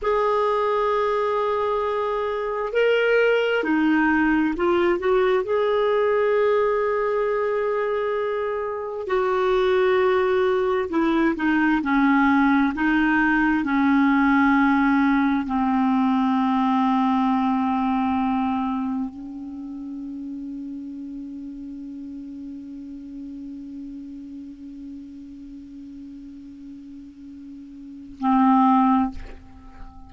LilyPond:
\new Staff \with { instrumentName = "clarinet" } { \time 4/4 \tempo 4 = 66 gis'2. ais'4 | dis'4 f'8 fis'8 gis'2~ | gis'2 fis'2 | e'8 dis'8 cis'4 dis'4 cis'4~ |
cis'4 c'2.~ | c'4 cis'2.~ | cis'1~ | cis'2. c'4 | }